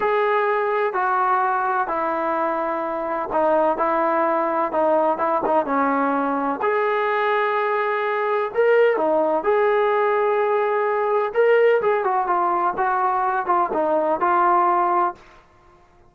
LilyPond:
\new Staff \with { instrumentName = "trombone" } { \time 4/4 \tempo 4 = 127 gis'2 fis'2 | e'2. dis'4 | e'2 dis'4 e'8 dis'8 | cis'2 gis'2~ |
gis'2 ais'4 dis'4 | gis'1 | ais'4 gis'8 fis'8 f'4 fis'4~ | fis'8 f'8 dis'4 f'2 | }